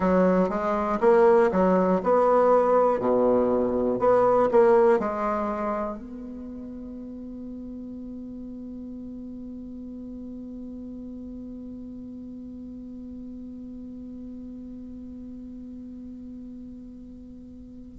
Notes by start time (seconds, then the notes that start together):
0.00 F#3
0.49 G#3
1.00 A#3
1.51 F#3
2.03 B3
3.00 B2
3.99 B3
4.50 A#3
4.99 G#3
5.97 B3